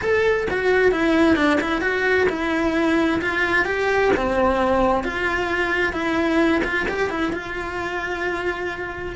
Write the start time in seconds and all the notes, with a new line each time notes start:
0.01 A4
0.50 F#4
0.91 E4
1.36 D4
1.61 E4
1.81 F#4
2.29 E4
3.21 F4
3.65 G4
4.16 C4
5.03 F4
5.93 E4
6.63 F4
6.88 G4
7.10 E4
7.32 F4